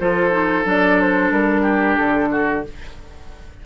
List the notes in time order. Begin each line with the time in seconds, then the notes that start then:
0.00 F3 F4 A4 C5
0.31 D#4
0.65 F#3 D4 D5
1.01 C5
1.31 G3 A#4
1.62 G4
1.97 D3 A4
2.32 F#4